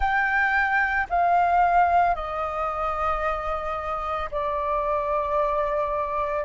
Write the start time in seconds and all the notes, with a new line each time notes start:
0.00 G5
1.10 F5
2.15 D#5
4.31 D5